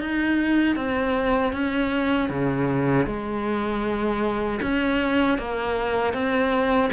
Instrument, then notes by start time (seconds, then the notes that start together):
cello
0.00 D#4
0.76 C4
1.53 C#4
2.29 C#3
3.06 G#3
4.62 C#4
5.38 A#3
6.13 C4